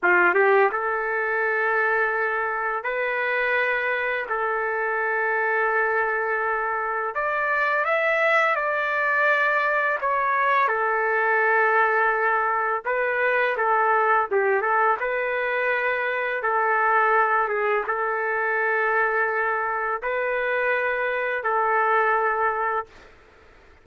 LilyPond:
\new Staff \with { instrumentName = "trumpet" } { \time 4/4 \tempo 4 = 84 f'8 g'8 a'2. | b'2 a'2~ | a'2 d''4 e''4 | d''2 cis''4 a'4~ |
a'2 b'4 a'4 | g'8 a'8 b'2 a'4~ | a'8 gis'8 a'2. | b'2 a'2 | }